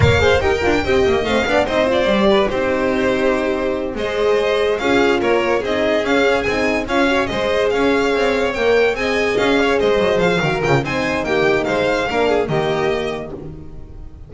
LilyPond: <<
  \new Staff \with { instrumentName = "violin" } { \time 4/4 \tempo 4 = 144 f''4 g''2 f''4 | dis''8 d''4. c''2~ | c''4. dis''2 f''8~ | f''8 cis''4 dis''4 f''4 gis''8~ |
gis''8 f''4 dis''4 f''4.~ | f''8 g''4 gis''4 f''4 dis''8~ | dis''8 f''4 g''8 gis''4 g''4 | f''2 dis''2 | }
  \new Staff \with { instrumentName = "violin" } { \time 4/4 cis''8 c''8 ais'4 dis''4. d''8 | c''4. b'8 g'2~ | g'4. c''2 gis'8~ | gis'8 ais'4 gis'2~ gis'8~ |
gis'8 cis''4 c''4 cis''4.~ | cis''4. dis''4. cis''8 c''8~ | c''4 ais'4 c''4 g'4 | c''4 ais'8 gis'8 g'2 | }
  \new Staff \with { instrumentName = "horn" } { \time 4/4 ais'8 gis'8 g'8 f'8 g'4 c'8 d'8 | dis'8 f'8 g'4 dis'2~ | dis'4. gis'2 f'8~ | f'4. dis'4 cis'4 dis'8~ |
dis'8 f'8 fis'8 gis'2~ gis'8~ | gis'8 ais'4 gis'2~ gis'8~ | gis'4 fis'8 f'8 dis'2~ | dis'4 d'4 ais2 | }
  \new Staff \with { instrumentName = "double bass" } { \time 4/4 ais4 dis'8 d'8 c'8 ais8 a8 b8 | c'4 g4 c'2~ | c'4. gis2 cis'8~ | cis'8 ais4 c'4 cis'4 c'8~ |
c'8 cis'4 gis4 cis'4 c'8~ | c'8 ais4 c'4 cis'4 gis8 | fis8 f8 dis8 cis8 c'4 ais4 | gis4 ais4 dis2 | }
>>